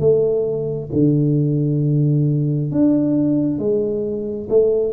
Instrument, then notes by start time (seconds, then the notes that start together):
tuba
0.00 A3
0.93 D3
2.72 D4
3.59 G#3
4.50 A3